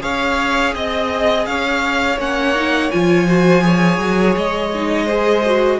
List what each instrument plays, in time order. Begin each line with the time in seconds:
0.00 cello C#4, viola G#4, violin C#5 F5
0.75 cello C4, violin D#5
1.46 cello C#4, violin C#5 F5
2.18 cello A#3, viola C#4, violin F#5
2.55 viola D#4
2.91 cello F3, viola F4, violin G#5
3.27 viola F#4, violin C5
3.61 viola G#4, violin C#5
3.99 cello F#3
4.36 cello G#3, violin D#5
4.75 viola D#4
5.05 viola G#4, violin C5
5.45 viola F#4